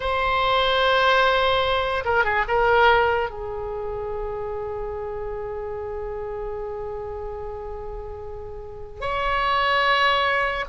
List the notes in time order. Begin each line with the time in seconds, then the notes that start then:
0.00 C5
2.04 A#4
2.24 G#4
2.47 A#4
3.30 G#4
9.00 C#5